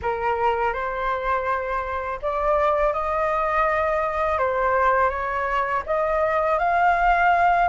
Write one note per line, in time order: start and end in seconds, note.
0.02 0.73 A#4
0.73 2.19 C5
2.22 2.93 D5
2.93 4.38 D#5
4.38 5.09 C5
5.09 5.82 C#5
5.86 6.58 D#5
6.58 7.68 F5